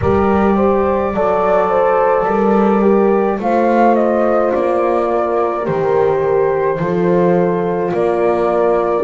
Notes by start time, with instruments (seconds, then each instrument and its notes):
0.00 double bass G3, horn G4 A#4, flute D5
0.55 horn C5
1.13 double bass F#3, horn A4 D5
1.68 horn C5
2.25 double bass G3, horn A#4
2.81 horn G4
3.39 double bass A3, horn F4 C5, flute F5
3.95 flute D#5
4.52 double bass A#3, flute D5
5.09 horn A#4
5.63 double bass D#3, horn G4, flute C5
6.78 double bass F3, horn F4 A4
7.92 double bass A#3, horn A#4, flute D5